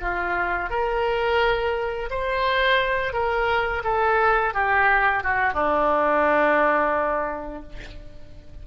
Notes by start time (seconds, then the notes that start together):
0.00 F4
0.69 A#4
2.10 C5
3.12 A#4
3.84 A4
4.53 G4
5.23 F#4
5.53 D4